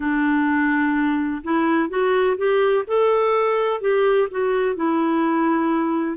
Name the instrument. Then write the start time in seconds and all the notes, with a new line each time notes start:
clarinet
0.00 D4
1.43 E4
1.89 F#4
2.37 G4
2.87 A4
3.81 G4
4.30 F#4
4.75 E4